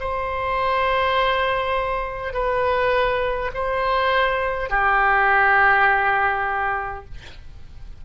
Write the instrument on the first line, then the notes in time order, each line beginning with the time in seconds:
oboe
0.00 C5
2.34 B4
3.54 C5
4.70 G4